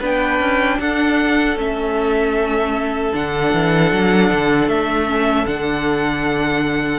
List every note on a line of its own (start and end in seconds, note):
0.00 0.40 B3
0.00 1.57 D4
0.00 0.78 B4
0.00 0.81 G5
0.40 0.79 C#4
0.80 1.57 D4
0.80 6.99 A4
0.80 1.58 F#5
1.57 3.13 A3
1.57 3.13 C#4
1.57 3.15 E5
3.13 3.53 D3
3.13 5.07 D4
3.13 4.69 F#5
3.54 3.93 E3
3.93 4.31 F#3
4.32 4.68 D3
4.68 5.46 A3
4.68 5.47 E5
5.07 5.46 C#4
5.47 6.99 D3
5.47 6.99 D4
5.47 6.99 F#5